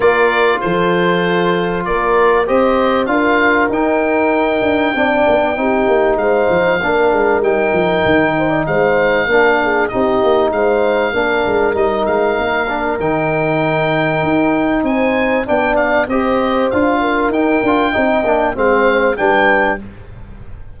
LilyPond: <<
  \new Staff \with { instrumentName = "oboe" } { \time 4/4 \tempo 4 = 97 d''4 c''2 d''4 | dis''4 f''4 g''2~ | g''2 f''2 | g''2 f''2 |
dis''4 f''2 dis''8 f''8~ | f''4 g''2. | gis''4 g''8 f''8 dis''4 f''4 | g''2 f''4 g''4 | }
  \new Staff \with { instrumentName = "horn" } { \time 4/4 ais'4 a'2 ais'4 | c''4 ais'2. | d''4 g'4 c''4 ais'4~ | ais'4. c''16 d''16 c''4 ais'8 gis'8 |
g'4 c''4 ais'2~ | ais'1 | c''4 d''4 c''4. ais'8~ | ais'4 dis''4 c''4 b'4 | }
  \new Staff \with { instrumentName = "trombone" } { \time 4/4 f'1 | g'4 f'4 dis'2 | d'4 dis'2 d'4 | dis'2. d'4 |
dis'2 d'4 dis'4~ | dis'8 d'8 dis'2.~ | dis'4 d'4 g'4 f'4 | dis'8 f'8 dis'8 d'8 c'4 d'4 | }
  \new Staff \with { instrumentName = "tuba" } { \time 4/4 ais4 f2 ais4 | c'4 d'4 dis'4. d'8 | c'8 b8 c'8 ais8 gis8 f8 ais8 gis8 | g8 f8 dis4 gis4 ais4 |
c'8 ais8 gis4 ais8 gis8 g8 gis8 | ais4 dis2 dis'4 | c'4 b4 c'4 d'4 | dis'8 d'8 c'8 ais8 gis4 g4 | }
>>